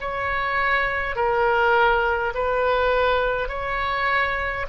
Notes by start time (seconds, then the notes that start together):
0.00 C#5
1.16 A#4
2.34 B4
3.48 C#5